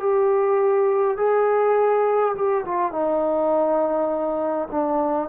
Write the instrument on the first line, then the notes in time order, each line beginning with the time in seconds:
trombone
0.00 G4
1.17 G#4
2.35 G4
2.65 F4
2.92 D#4
4.72 D4